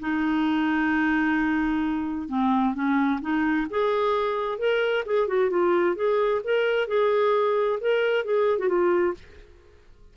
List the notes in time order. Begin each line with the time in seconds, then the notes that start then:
0.00 D#4
2.28 C4
2.74 C#4
3.21 D#4
3.70 G#4
4.58 A#4
5.06 G#4
5.27 F#4
5.50 F4
5.95 G#4
6.44 A#4
6.87 G#4
7.80 A#4
8.25 G#4
8.59 F#4
8.68 F4